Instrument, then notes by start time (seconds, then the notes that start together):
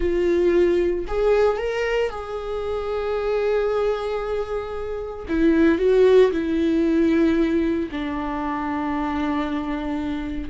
viola
0.00 F4
1.07 G#4
1.57 A#4
2.10 G#4
5.28 E4
5.78 F#4
6.31 E4
7.91 D4